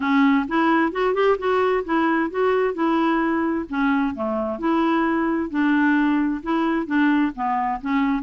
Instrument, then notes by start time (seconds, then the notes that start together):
clarinet
0.00 C#4
0.48 E4
0.92 F#4
1.14 G4
1.38 F#4
1.84 E4
2.30 F#4
2.74 E4
3.69 C#4
4.14 A3
4.58 E4
5.50 D4
6.42 E4
6.86 D4
7.35 B3
7.81 C#4